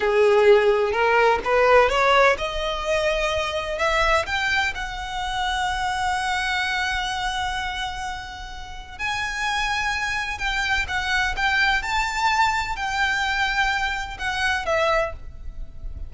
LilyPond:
\new Staff \with { instrumentName = "violin" } { \time 4/4 \tempo 4 = 127 gis'2 ais'4 b'4 | cis''4 dis''2. | e''4 g''4 fis''2~ | fis''1~ |
fis''2. gis''4~ | gis''2 g''4 fis''4 | g''4 a''2 g''4~ | g''2 fis''4 e''4 | }